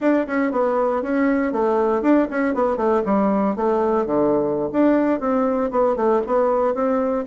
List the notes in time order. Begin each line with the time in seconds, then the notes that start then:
0.00 D4
0.27 C#4
0.51 B3
1.02 C#4
1.52 A3
2.02 D4
2.30 C#4
2.54 B3
2.77 A3
3.05 G3
3.56 A3
4.06 D3
4.72 D4
5.20 C4
5.70 B3
5.96 A3
6.26 B3
6.74 C4